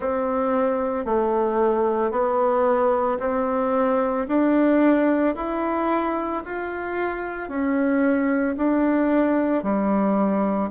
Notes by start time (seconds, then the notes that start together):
0.00 C4
1.05 A3
2.11 B3
3.19 C4
4.28 D4
5.35 E4
6.45 F4
7.48 C#4
8.57 D4
9.63 G3